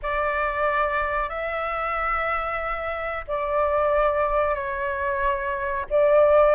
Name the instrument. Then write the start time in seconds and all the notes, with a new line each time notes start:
flute
0.02 D5
1.29 E5
3.27 D5
4.54 C#5
5.90 D5